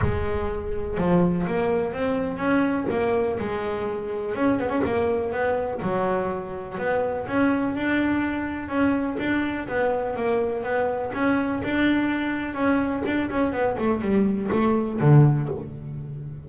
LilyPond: \new Staff \with { instrumentName = "double bass" } { \time 4/4 \tempo 4 = 124 gis2 f4 ais4 | c'4 cis'4 ais4 gis4~ | gis4 cis'8 b16 cis'16 ais4 b4 | fis2 b4 cis'4 |
d'2 cis'4 d'4 | b4 ais4 b4 cis'4 | d'2 cis'4 d'8 cis'8 | b8 a8 g4 a4 d4 | }